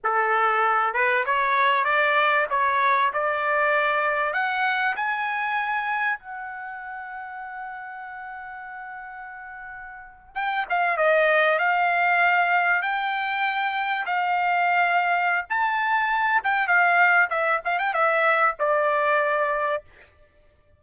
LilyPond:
\new Staff \with { instrumentName = "trumpet" } { \time 4/4 \tempo 4 = 97 a'4. b'8 cis''4 d''4 | cis''4 d''2 fis''4 | gis''2 fis''2~ | fis''1~ |
fis''8. g''8 f''8 dis''4 f''4~ f''16~ | f''8. g''2 f''4~ f''16~ | f''4 a''4. g''8 f''4 | e''8 f''16 g''16 e''4 d''2 | }